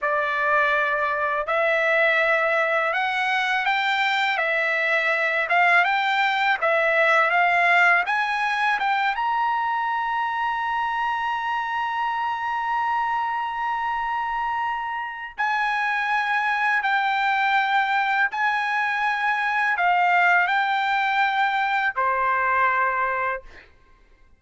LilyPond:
\new Staff \with { instrumentName = "trumpet" } { \time 4/4 \tempo 4 = 82 d''2 e''2 | fis''4 g''4 e''4. f''8 | g''4 e''4 f''4 gis''4 | g''8 ais''2.~ ais''8~ |
ais''1~ | ais''4 gis''2 g''4~ | g''4 gis''2 f''4 | g''2 c''2 | }